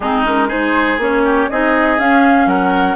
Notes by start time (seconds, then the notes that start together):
0.00 G#3 C4 D#4 G#4
0.24 C#4 A#4
0.47 D#4 G#4 C5
0.97 A#3 C#4 C#5
1.24 G4
1.49 C4 D#4 G#4 D#5
1.98 C#4 F5
2.46 F#3 A#4 F#5